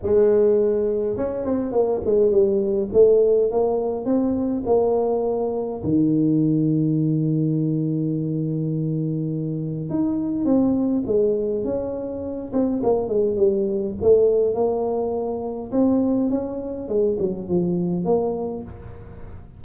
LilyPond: \new Staff \with { instrumentName = "tuba" } { \time 4/4 \tempo 4 = 103 gis2 cis'8 c'8 ais8 gis8 | g4 a4 ais4 c'4 | ais2 dis2~ | dis1~ |
dis4 dis'4 c'4 gis4 | cis'4. c'8 ais8 gis8 g4 | a4 ais2 c'4 | cis'4 gis8 fis8 f4 ais4 | }